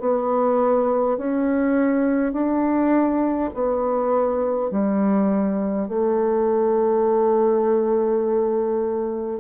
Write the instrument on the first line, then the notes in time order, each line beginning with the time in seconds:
bassoon
0.00 B3
1.17 C#4
2.33 D4
3.54 B3
4.71 G3
5.88 A3